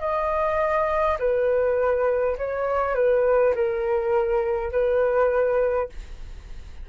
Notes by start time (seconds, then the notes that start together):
0.00 D#5
1.19 B4
2.38 C#5
2.95 B4
3.55 A#4
4.72 B4